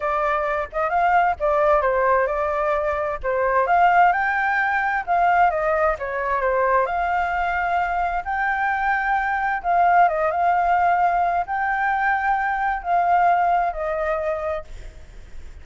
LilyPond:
\new Staff \with { instrumentName = "flute" } { \time 4/4 \tempo 4 = 131 d''4. dis''8 f''4 d''4 | c''4 d''2 c''4 | f''4 g''2 f''4 | dis''4 cis''4 c''4 f''4~ |
f''2 g''2~ | g''4 f''4 dis''8 f''4.~ | f''4 g''2. | f''2 dis''2 | }